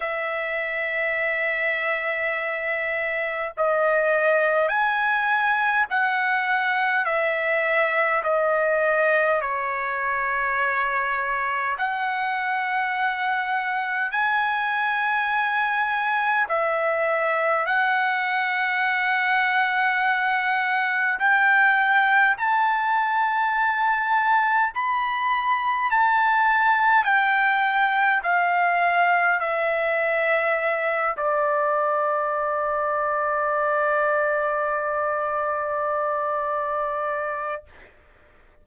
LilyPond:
\new Staff \with { instrumentName = "trumpet" } { \time 4/4 \tempo 4 = 51 e''2. dis''4 | gis''4 fis''4 e''4 dis''4 | cis''2 fis''2 | gis''2 e''4 fis''4~ |
fis''2 g''4 a''4~ | a''4 b''4 a''4 g''4 | f''4 e''4. d''4.~ | d''1 | }